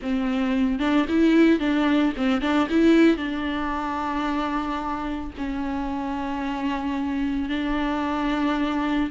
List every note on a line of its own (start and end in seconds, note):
0.01 0.79 C4
0.79 1.06 D4
1.08 1.59 E4
1.59 2.13 D4
2.16 2.41 C4
2.41 2.68 D4
2.69 3.17 E4
3.17 5.31 D4
5.37 7.49 C#4
7.49 9.09 D4